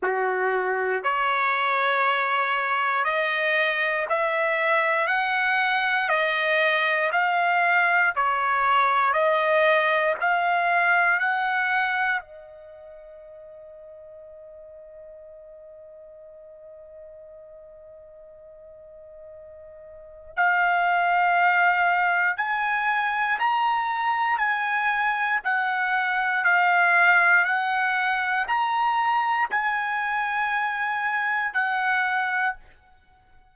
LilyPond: \new Staff \with { instrumentName = "trumpet" } { \time 4/4 \tempo 4 = 59 fis'4 cis''2 dis''4 | e''4 fis''4 dis''4 f''4 | cis''4 dis''4 f''4 fis''4 | dis''1~ |
dis''1 | f''2 gis''4 ais''4 | gis''4 fis''4 f''4 fis''4 | ais''4 gis''2 fis''4 | }